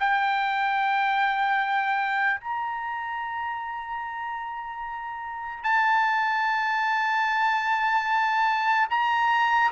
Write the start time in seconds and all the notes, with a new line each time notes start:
0.00 G5
2.41 A#5
5.64 A5
8.90 A#5